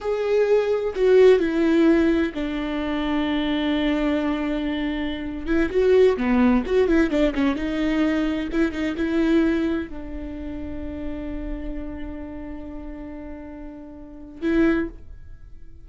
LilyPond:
\new Staff \with { instrumentName = "viola" } { \time 4/4 \tempo 4 = 129 gis'2 fis'4 e'4~ | e'4 d'2.~ | d'2.~ d'8. e'16~ | e'16 fis'4 b4 fis'8 e'8 d'8 cis'16~ |
cis'16 dis'2 e'8 dis'8 e'8.~ | e'4~ e'16 d'2~ d'8.~ | d'1~ | d'2. e'4 | }